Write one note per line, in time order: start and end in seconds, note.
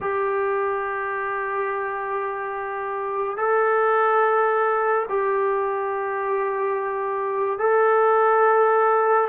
0.00 3.36 G4
3.36 5.06 A4
5.08 7.58 G4
7.58 9.27 A4